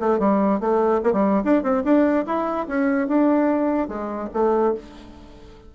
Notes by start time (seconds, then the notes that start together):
0.00 A3
0.19 G3
0.60 A3
1.03 A#3
1.13 G3
1.45 D4
1.63 C4
1.84 D4
2.26 E4
2.68 C#4
3.08 D4
3.88 G#3
4.34 A3